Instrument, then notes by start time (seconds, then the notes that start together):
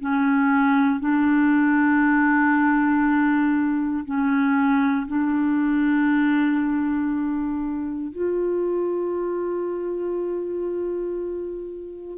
clarinet
0.00 C#4
0.99 D4
4.05 C#4
5.08 D4
8.12 F4